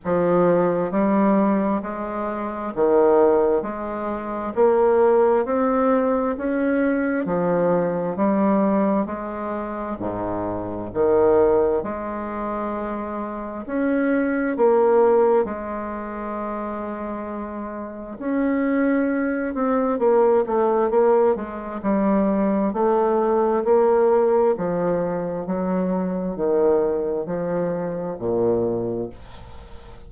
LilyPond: \new Staff \with { instrumentName = "bassoon" } { \time 4/4 \tempo 4 = 66 f4 g4 gis4 dis4 | gis4 ais4 c'4 cis'4 | f4 g4 gis4 gis,4 | dis4 gis2 cis'4 |
ais4 gis2. | cis'4. c'8 ais8 a8 ais8 gis8 | g4 a4 ais4 f4 | fis4 dis4 f4 ais,4 | }